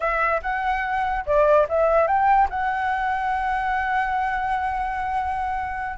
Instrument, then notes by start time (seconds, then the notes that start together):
flute
0.00 E5
0.41 F#5
1.25 D5
1.68 E5
2.07 G5
2.49 F#5